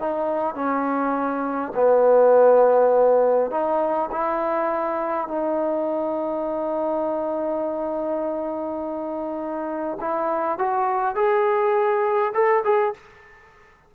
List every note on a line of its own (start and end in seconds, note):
0.00 0.55 D#4
0.55 1.72 C#4
1.75 3.51 B3
3.51 4.10 D#4
4.12 5.28 E4
5.28 9.99 D#4
10.01 10.59 E4
10.59 11.15 F#4
11.15 12.33 G#4
12.34 12.64 A4
12.64 12.94 G#4